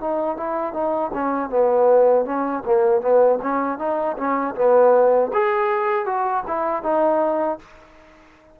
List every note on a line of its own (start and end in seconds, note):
0.00 0.37 D#4
0.37 0.73 E4
0.73 1.11 D#4
1.13 1.49 C#4
1.49 2.25 B3
2.25 2.63 C#4
2.65 3.01 A#3
3.01 3.39 B3
3.42 3.78 C#4
3.78 4.16 D#4
4.17 4.55 C#4
4.55 5.31 B3
5.33 6.05 G#4
6.05 6.43 F#4
6.47 6.83 E4
6.83 7.58 D#4